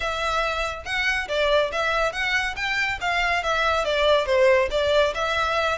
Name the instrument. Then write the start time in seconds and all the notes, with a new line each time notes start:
violin
0.00 E5
0.85 F#5
1.28 D5
1.72 E5
2.12 F#5
2.55 G5
3.00 F5
3.43 E5
3.84 D5
4.26 C5
4.70 D5
5.14 E5